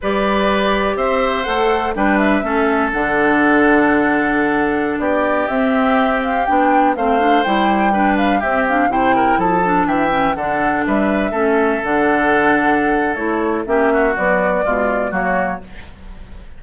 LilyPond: <<
  \new Staff \with { instrumentName = "flute" } { \time 4/4 \tempo 4 = 123 d''2 e''4 fis''4 | g''8 e''4. fis''2~ | fis''2~ fis''16 d''4 e''8.~ | e''8. f''8 g''4 f''4 g''8.~ |
g''8. f''8 e''8 f''8 g''4 a''8.~ | a''16 g''4 fis''4 e''4.~ e''16~ | e''16 fis''2~ fis''8. cis''4 | e''4 d''2 cis''4 | }
  \new Staff \with { instrumentName = "oboe" } { \time 4/4 b'2 c''2 | b'4 a'2.~ | a'2~ a'16 g'4.~ g'16~ | g'2~ g'16 c''4.~ c''16~ |
c''16 b'4 g'4 c''8 ais'8 a'8.~ | a'16 e''4 a'4 b'4 a'8.~ | a'1 | g'8 fis'4. f'4 fis'4 | }
  \new Staff \with { instrumentName = "clarinet" } { \time 4/4 g'2. a'4 | d'4 cis'4 d'2~ | d'2.~ d'16 c'8.~ | c'4~ c'16 d'4 c'8 d'8 e'8.~ |
e'16 d'4 c'8 d'8 e'4. d'16~ | d'8. cis'8 d'2 cis'8.~ | cis'16 d'2~ d'8. e'4 | cis'4 fis4 gis4 ais4 | }
  \new Staff \with { instrumentName = "bassoon" } { \time 4/4 g2 c'4 a4 | g4 a4 d2~ | d2~ d16 b4 c'8.~ | c'4~ c'16 b4 a4 g8.~ |
g4~ g16 c'4 c4 f8.~ | f16 e4 d4 g4 a8.~ | a16 d2~ d8. a4 | ais4 b4 b,4 fis4 | }
>>